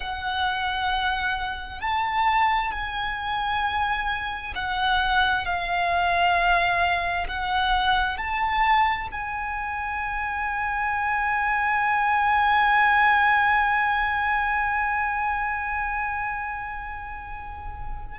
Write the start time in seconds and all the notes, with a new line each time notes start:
0.00 F#5
1.80 A5
2.71 G#5
4.55 F#5
5.45 F5
7.27 F#5
8.17 A5
9.12 G#5